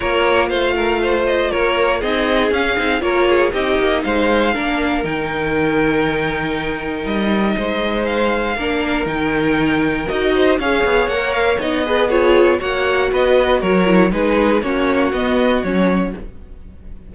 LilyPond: <<
  \new Staff \with { instrumentName = "violin" } { \time 4/4 \tempo 4 = 119 cis''4 f''4. dis''8 cis''4 | dis''4 f''4 cis''4 dis''4 | f''2 g''2~ | g''2 dis''2 |
f''2 g''2 | dis''4 f''4 fis''8 f''8 dis''4 | cis''4 fis''4 dis''4 cis''4 | b'4 cis''4 dis''4 cis''4 | }
  \new Staff \with { instrumentName = "violin" } { \time 4/4 ais'4 c''8 ais'8 c''4 ais'4 | gis'2 ais'8 gis'8 g'4 | c''4 ais'2.~ | ais'2. c''4~ |
c''4 ais'2.~ | ais'8 c''8 cis''2~ cis''8 b'8 | gis'4 cis''4 b'4 ais'4 | gis'4 fis'2. | }
  \new Staff \with { instrumentName = "viola" } { \time 4/4 f'1 | dis'4 cis'8 dis'8 f'4 dis'4~ | dis'4 d'4 dis'2~ | dis'1~ |
dis'4 d'4 dis'2 | fis'4 gis'4 ais'4 dis'8 gis'8 | f'4 fis'2~ fis'8 e'8 | dis'4 cis'4 b4 cis'4 | }
  \new Staff \with { instrumentName = "cello" } { \time 4/4 ais4 a2 ais4 | c'4 cis'8 c'8 ais4 c'8 ais8 | gis4 ais4 dis2~ | dis2 g4 gis4~ |
gis4 ais4 dis2 | dis'4 cis'8 b8 ais4 b4~ | b4 ais4 b4 fis4 | gis4 ais4 b4 fis4 | }
>>